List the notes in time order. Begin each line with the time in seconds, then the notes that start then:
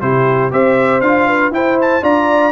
0.00 C3 E4 G4 C5
0.51 C4 G4 C5 E5
1.00 D4 F4 F5
1.27 B4
1.51 E4 C5 G5
1.81 A5
2.02 D4 F4 D5 A#5